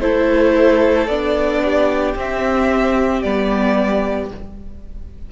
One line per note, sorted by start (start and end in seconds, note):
0.00 1.07 A3
0.00 1.09 E4
0.00 1.63 A4
0.00 1.07 C5
1.07 2.15 B3
1.07 2.17 D4
1.07 2.14 D5
1.64 4.32 G4
2.15 3.23 C4
2.15 3.22 E5
3.22 4.31 G3
3.22 4.30 B3
3.22 4.29 D5